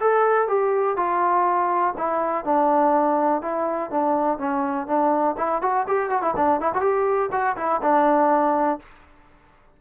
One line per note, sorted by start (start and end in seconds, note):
0.00 0.48 A4
0.48 0.96 G4
0.97 1.94 F4
1.98 2.44 E4
2.44 3.42 D4
3.42 3.90 E4
3.90 4.38 D4
4.38 4.87 C#4
4.87 5.36 D4
5.37 5.62 E4
5.62 5.86 F#4
5.87 6.10 G4
6.10 6.22 F#4
6.22 6.34 E4
6.36 6.60 D4
6.60 6.73 E4
6.74 6.81 F#4
6.81 7.30 G4
7.31 7.56 F#4
7.57 7.81 E4
7.82 8.80 D4